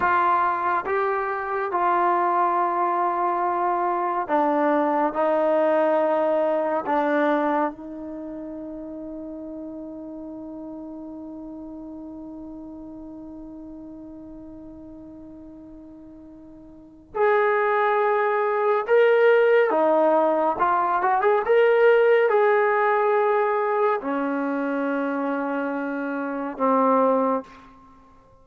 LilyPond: \new Staff \with { instrumentName = "trombone" } { \time 4/4 \tempo 4 = 70 f'4 g'4 f'2~ | f'4 d'4 dis'2 | d'4 dis'2.~ | dis'1~ |
dis'1 | gis'2 ais'4 dis'4 | f'8 fis'16 gis'16 ais'4 gis'2 | cis'2. c'4 | }